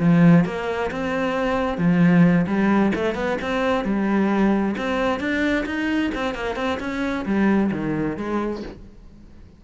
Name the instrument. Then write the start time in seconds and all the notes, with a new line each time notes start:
cello
0.00 F3
0.45 A#3
0.92 C4
1.78 F3
2.47 G3
2.95 A3
3.15 B3
3.42 C4
3.85 G3
4.78 C4
5.20 D4
5.66 D#4
6.15 C4
6.35 A#3
6.56 C4
6.80 C#4
7.26 G3
7.72 D#3
8.18 G#3